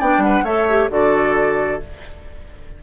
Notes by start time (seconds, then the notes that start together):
0.00 B3 D4 D5 G5
0.18 G3 F#5
0.25 B4
0.43 A3 A4 C#5 E5
0.69 G4
0.90 D3 F#4 A4 D5